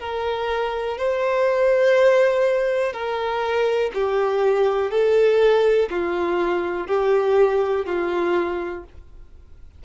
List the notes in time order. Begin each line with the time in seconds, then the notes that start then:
0.00 A#4
0.98 C5
2.93 A#4
3.94 G4
4.91 A4
5.90 F4
6.88 G4
7.86 F4